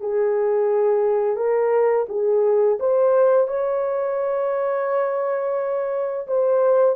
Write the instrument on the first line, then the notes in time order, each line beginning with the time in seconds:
horn
0.00 G#4
1.36 A#4
2.08 G#4
2.79 C5
3.47 C#5
6.27 C5